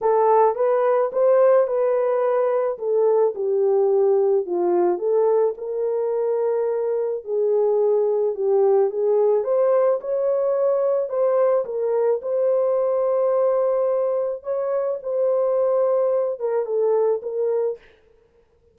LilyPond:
\new Staff \with { instrumentName = "horn" } { \time 4/4 \tempo 4 = 108 a'4 b'4 c''4 b'4~ | b'4 a'4 g'2 | f'4 a'4 ais'2~ | ais'4 gis'2 g'4 |
gis'4 c''4 cis''2 | c''4 ais'4 c''2~ | c''2 cis''4 c''4~ | c''4. ais'8 a'4 ais'4 | }